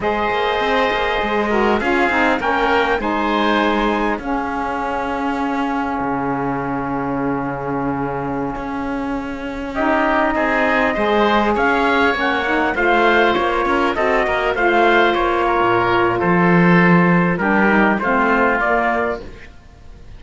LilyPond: <<
  \new Staff \with { instrumentName = "trumpet" } { \time 4/4 \tempo 4 = 100 dis''2. f''4 | g''4 gis''2 f''4~ | f''1~ | f''1~ |
f''16 dis''2. f''8.~ | f''16 fis''4 f''4 cis''4 dis''8.~ | dis''16 f''4 cis''4.~ cis''16 c''4~ | c''4 ais'4 c''4 d''4 | }
  \new Staff \with { instrumentName = "oboe" } { \time 4/4 c''2~ c''8 ais'8 gis'4 | ais'4 c''2 gis'4~ | gis'1~ | gis'1~ |
gis'16 g'4 gis'4 c''4 cis''8.~ | cis''4~ cis''16 c''4. ais'8 a'8 ais'16~ | ais'16 c''4. ais'4~ ais'16 a'4~ | a'4 g'4 f'2 | }
  \new Staff \with { instrumentName = "saxophone" } { \time 4/4 gis'2~ gis'8 fis'8 f'8 dis'8 | cis'4 dis'2 cis'4~ | cis'1~ | cis'1~ |
cis'16 dis'2 gis'4.~ gis'16~ | gis'16 cis'8 dis'8 f'2 fis'8.~ | fis'16 f'2.~ f'8.~ | f'4 d'8 dis'8 c'4 ais4 | }
  \new Staff \with { instrumentName = "cello" } { \time 4/4 gis8 ais8 c'8 ais8 gis4 cis'8 c'8 | ais4 gis2 cis'4~ | cis'2 cis2~ | cis2~ cis16 cis'4.~ cis'16~ |
cis'4~ cis'16 c'4 gis4 cis'8.~ | cis'16 ais4 a4 ais8 cis'8 c'8 ais16~ | ais16 a4 ais8. ais,4 f4~ | f4 g4 a4 ais4 | }
>>